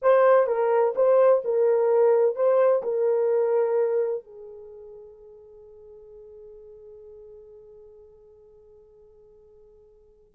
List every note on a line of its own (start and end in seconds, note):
0.02 0.47 C5
0.47 0.94 A#4
0.95 1.42 C5
1.44 2.35 A#4
2.35 2.82 C5
2.83 4.23 A#4
4.23 10.33 G#4